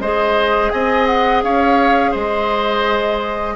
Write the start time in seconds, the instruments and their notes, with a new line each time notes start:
0.00 bassoon G#3, clarinet G#4, oboe C5, flute D#5
0.71 bassoon C4, oboe D#5, flute G#5
1.07 flute F#5
1.43 bassoon C#4, oboe C#5, flute F5
2.11 bassoon G#3, oboe C5, flute D#5